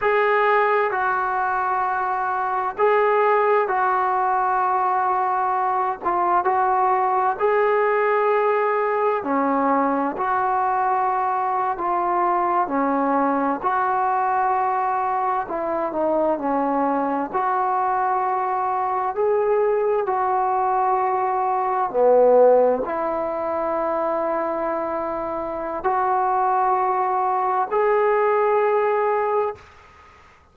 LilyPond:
\new Staff \with { instrumentName = "trombone" } { \time 4/4 \tempo 4 = 65 gis'4 fis'2 gis'4 | fis'2~ fis'8 f'8 fis'4 | gis'2 cis'4 fis'4~ | fis'8. f'4 cis'4 fis'4~ fis'16~ |
fis'8. e'8 dis'8 cis'4 fis'4~ fis'16~ | fis'8. gis'4 fis'2 b16~ | b8. e'2.~ e'16 | fis'2 gis'2 | }